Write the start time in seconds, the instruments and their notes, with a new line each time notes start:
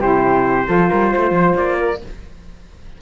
0.00 cello C3, saxophone E4, flute G4, trumpet C5
0.65 cello F3, saxophone F4, flute A4
0.88 cello G3, flute A#4
1.12 cello A3, flute C5
1.31 cello F3
1.57 cello A#3, trumpet D5
1.78 flute A#4